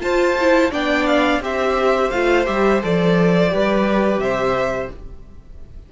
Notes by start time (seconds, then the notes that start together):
0.00 F4 C5 A5
0.40 E4
0.70 B3 D4 D5 G5
1.06 F5
1.40 C4 G4 C5 E5
2.10 A3 F4 F5
2.45 G3 G4 E5
2.82 F3 A4 D5
3.49 G3 G4 B4
4.17 C3 C5 E5